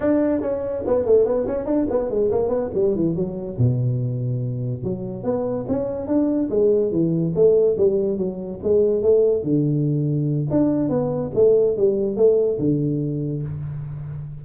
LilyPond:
\new Staff \with { instrumentName = "tuba" } { \time 4/4 \tempo 4 = 143 d'4 cis'4 b8 a8 b8 cis'8 | d'8 b8 gis8 ais8 b8 g8 e8 fis8~ | fis8 b,2. fis8~ | fis8 b4 cis'4 d'4 gis8~ |
gis8 e4 a4 g4 fis8~ | fis8 gis4 a4 d4.~ | d4 d'4 b4 a4 | g4 a4 d2 | }